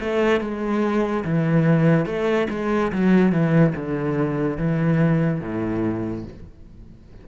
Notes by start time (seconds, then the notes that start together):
0.00 A3
0.41 G#3
1.25 E3
2.06 A3
2.50 G#3
2.92 F#3
3.32 E3
3.75 D3
4.57 E3
5.41 A2